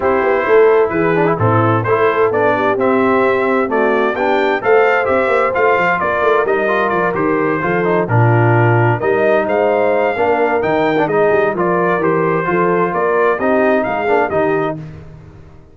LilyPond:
<<
  \new Staff \with { instrumentName = "trumpet" } { \time 4/4 \tempo 4 = 130 c''2 b'4 a'4 | c''4 d''4 e''2 | d''4 g''4 f''4 e''4 | f''4 d''4 dis''4 d''8 c''8~ |
c''4. ais'2 dis''8~ | dis''8 f''2~ f''8 g''4 | dis''4 d''4 c''2 | d''4 dis''4 f''4 dis''4 | }
  \new Staff \with { instrumentName = "horn" } { \time 4/4 g'4 a'4 gis'4 e'4 | a'4. g'2~ g'8 | fis'4 g'4 c''2~ | c''4 ais'2.~ |
ais'8 a'4 f'2 ais'8~ | ais'8 c''4. ais'2 | gis'4 ais'2 a'4 | ais'4 g'4 gis'4 g'4 | }
  \new Staff \with { instrumentName = "trombone" } { \time 4/4 e'2~ e'8 d'16 e'16 c'4 | e'4 d'4 c'2 | a4 d'4 a'4 g'4 | f'2 dis'8 f'4 g'8~ |
g'8 f'8 dis'8 d'2 dis'8~ | dis'2 d'4 dis'8. d'16 | dis'4 f'4 g'4 f'4~ | f'4 dis'4. d'8 dis'4 | }
  \new Staff \with { instrumentName = "tuba" } { \time 4/4 c'8 b8 a4 e4 a,4 | a4 b4 c'2~ | c'4 b4 a4 c'8 ais8 | a8 f8 ais8 a8 g4 f8 dis8~ |
dis8 f4 ais,2 g8~ | g8 gis4. ais4 dis4 | gis8 g8 f4 e4 f4 | ais4 c'4 gis8 ais8 dis4 | }
>>